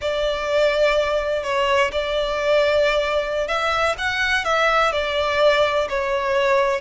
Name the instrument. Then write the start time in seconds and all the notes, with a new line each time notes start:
violin
0.01 D5
1.43 C#5
1.92 D5
3.47 E5
3.98 F#5
4.44 E5
4.92 D5
5.89 C#5